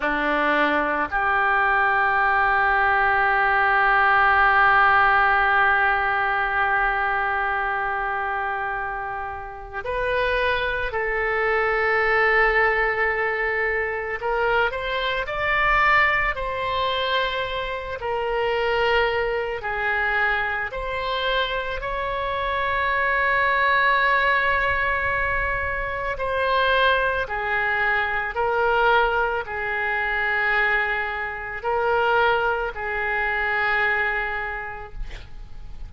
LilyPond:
\new Staff \with { instrumentName = "oboe" } { \time 4/4 \tempo 4 = 55 d'4 g'2.~ | g'1~ | g'4 b'4 a'2~ | a'4 ais'8 c''8 d''4 c''4~ |
c''8 ais'4. gis'4 c''4 | cis''1 | c''4 gis'4 ais'4 gis'4~ | gis'4 ais'4 gis'2 | }